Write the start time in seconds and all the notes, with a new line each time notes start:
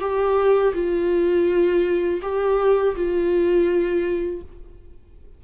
0.00 G4
0.74 F4
2.22 G4
2.96 F4